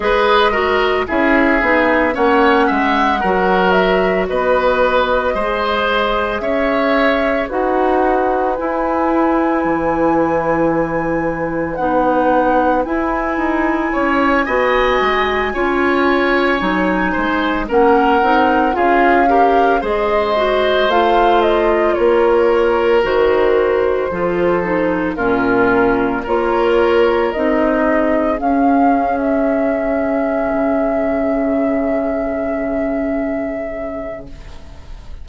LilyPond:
<<
  \new Staff \with { instrumentName = "flute" } { \time 4/4 \tempo 4 = 56 dis''4 e''4 fis''4. e''8 | dis''2 e''4 fis''4 | gis''2. fis''4 | gis''1~ |
gis''8 fis''4 f''4 dis''4 f''8 | dis''8 cis''4 c''2 ais'8~ | ais'8 cis''4 dis''4 f''8. e''8.~ | e''1 | }
  \new Staff \with { instrumentName = "oboe" } { \time 4/4 b'8 ais'8 gis'4 cis''8 e''8 ais'4 | b'4 c''4 cis''4 b'4~ | b'1~ | b'4 cis''8 dis''4 cis''4. |
c''8 ais'4 gis'8 ais'8 c''4.~ | c''8 ais'2 a'4 f'8~ | f'8 ais'4. gis'2~ | gis'1 | }
  \new Staff \with { instrumentName = "clarinet" } { \time 4/4 gis'8 fis'8 e'8 dis'8 cis'4 fis'4~ | fis'4 gis'2 fis'4 | e'2. dis'4 | e'4. fis'4 f'4 dis'8~ |
dis'8 cis'8 dis'8 f'8 g'8 gis'8 fis'8 f'8~ | f'4. fis'4 f'8 dis'8 cis'8~ | cis'8 f'4 dis'4 cis'4.~ | cis'1 | }
  \new Staff \with { instrumentName = "bassoon" } { \time 4/4 gis4 cis'8 b8 ais8 gis8 fis4 | b4 gis4 cis'4 dis'4 | e'4 e2 b4 | e'8 dis'8 cis'8 b8 gis8 cis'4 fis8 |
gis8 ais8 c'8 cis'4 gis4 a8~ | a8 ais4 dis4 f4 ais,8~ | ais,8 ais4 c'4 cis'4.~ | cis'8 cis2.~ cis8 | }
>>